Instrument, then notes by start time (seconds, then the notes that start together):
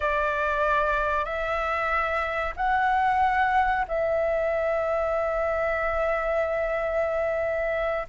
flute
0.00 D5
1.24 E5
2.56 F#5
3.87 E5